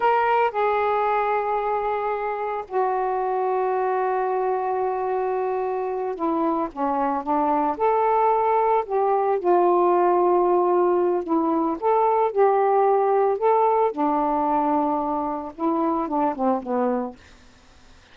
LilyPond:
\new Staff \with { instrumentName = "saxophone" } { \time 4/4 \tempo 4 = 112 ais'4 gis'2.~ | gis'4 fis'2.~ | fis'2.~ fis'8 e'8~ | e'8 cis'4 d'4 a'4.~ |
a'8 g'4 f'2~ f'8~ | f'4 e'4 a'4 g'4~ | g'4 a'4 d'2~ | d'4 e'4 d'8 c'8 b4 | }